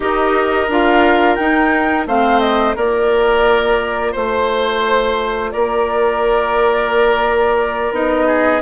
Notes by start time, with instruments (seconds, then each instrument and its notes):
0.00 bassoon D#4, clarinet G4, oboe A#4, flute D#5
0.68 bassoon D4, clarinet F4, flute F5
1.35 bassoon D#4, clarinet D#4, flute G5
2.06 bassoon A3, clarinet C4, oboe C5, flute F5
2.40 flute D#5
2.75 bassoon A#3, clarinet F4, oboe A#4, flute D5
4.12 bassoon A3, oboe C5, flute C5
5.51 bassoon A#3, oboe A#4, flute D5
7.91 bassoon B3, clarinet D#4, flute D#5
8.26 oboe G#4